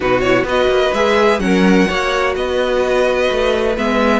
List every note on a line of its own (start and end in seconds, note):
0.00 0.43 B2
0.00 0.23 D#4
0.00 0.46 F#4
0.00 0.21 B4
0.21 0.47 E4
0.21 0.44 C#5
0.43 0.66 B3
0.43 0.94 F#4
0.43 1.41 B4
0.43 0.93 D#5
0.67 0.91 A#3
0.93 1.39 G#3
0.93 1.40 G#4
0.93 1.39 E5
1.39 1.86 F#3
1.39 1.87 C#4
1.39 1.88 A#4
1.39 2.33 F#5
1.88 2.35 A#3
1.88 3.75 F#4
1.88 2.35 C#5
2.35 3.29 B3
2.35 4.19 B4
2.35 3.76 D#5
3.30 3.77 A3
3.77 4.19 G#3
3.77 4.19 B3
3.77 4.19 E5